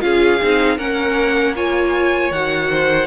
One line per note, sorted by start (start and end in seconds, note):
0.00 0.41 C#4
0.00 0.38 F4
0.00 0.77 G#4
0.00 0.78 F5
0.42 0.78 C4
0.42 0.79 D#4
0.77 2.31 A#3
0.77 1.55 C#4
0.77 1.54 A#4
0.77 1.55 F#5
1.55 2.32 F4
1.55 2.71 C#5
1.55 2.32 G#5
2.31 3.07 D#3
2.31 3.07 F#4
2.31 3.07 F#5
2.71 3.07 C5